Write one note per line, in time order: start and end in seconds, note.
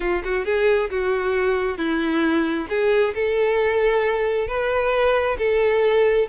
0.00 0.22 F4
0.24 0.45 F#4
0.45 0.90 G#4
0.90 1.77 F#4
1.77 2.67 E4
2.69 3.13 G#4
3.14 4.47 A4
4.47 5.37 B4
5.38 6.27 A4